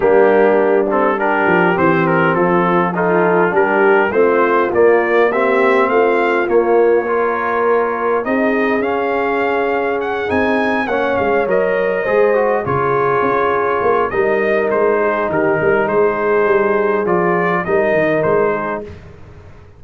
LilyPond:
<<
  \new Staff \with { instrumentName = "trumpet" } { \time 4/4 \tempo 4 = 102 g'4. a'8 ais'4 c''8 ais'8 | a'4 f'4 ais'4 c''4 | d''4 e''4 f''4 cis''4~ | cis''2 dis''4 f''4~ |
f''4 fis''8 gis''4 fis''8 f''8 dis''8~ | dis''4. cis''2~ cis''8 | dis''4 c''4 ais'4 c''4~ | c''4 d''4 dis''4 c''4 | }
  \new Staff \with { instrumentName = "horn" } { \time 4/4 d'2 g'2 | f'4 a'4 g'4 f'4~ | f'4 g'4 f'2 | ais'2 gis'2~ |
gis'2~ gis'8 cis''4.~ | cis''8 c''4 gis'2~ gis'8 | ais'4. gis'8 g'8 ais'8 gis'4~ | gis'2 ais'4. gis'8 | }
  \new Staff \with { instrumentName = "trombone" } { \time 4/4 ais4. c'8 d'4 c'4~ | c'4 dis'4 d'4 c'4 | ais4 c'2 ais4 | f'2 dis'4 cis'4~ |
cis'4. dis'4 cis'4 ais'8~ | ais'8 gis'8 fis'8 f'2~ f'8 | dis'1~ | dis'4 f'4 dis'2 | }
  \new Staff \with { instrumentName = "tuba" } { \time 4/4 g2~ g8 f8 e4 | f2 g4 a4 | ais2 a4 ais4~ | ais2 c'4 cis'4~ |
cis'4. c'4 ais8 gis8 fis8~ | fis8 gis4 cis4 cis'4 ais8 | g4 gis4 dis8 g8 gis4 | g4 f4 g8 dis8 gis4 | }
>>